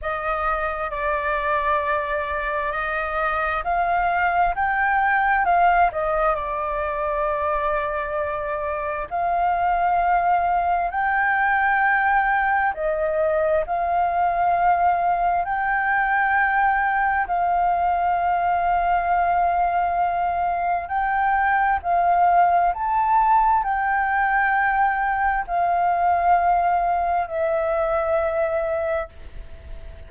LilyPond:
\new Staff \with { instrumentName = "flute" } { \time 4/4 \tempo 4 = 66 dis''4 d''2 dis''4 | f''4 g''4 f''8 dis''8 d''4~ | d''2 f''2 | g''2 dis''4 f''4~ |
f''4 g''2 f''4~ | f''2. g''4 | f''4 a''4 g''2 | f''2 e''2 | }